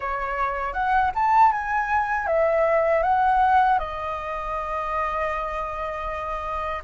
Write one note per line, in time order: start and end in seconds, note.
0.00 0.72 C#5
0.73 1.11 F#5
1.14 1.52 A5
1.52 2.26 G#5
2.26 3.02 E5
3.02 3.78 F#5
3.78 6.82 D#5